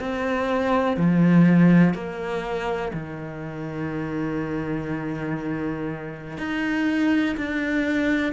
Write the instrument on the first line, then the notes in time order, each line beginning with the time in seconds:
cello
0.00 C4
0.97 F3
1.94 A#3
2.93 D#3
6.38 D#4
7.37 D4